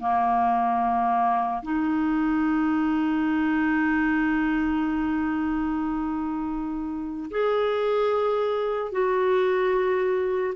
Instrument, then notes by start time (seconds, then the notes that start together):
clarinet
0.00 A#3
1.63 D#4
7.30 G#4
8.92 F#4